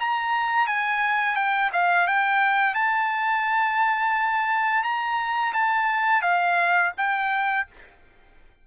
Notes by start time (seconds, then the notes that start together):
0.00 A#5
0.67 G#5
1.36 G5
1.73 F5
2.08 G5
2.75 A5
4.83 A#5
5.53 A5
6.22 F5
6.97 G5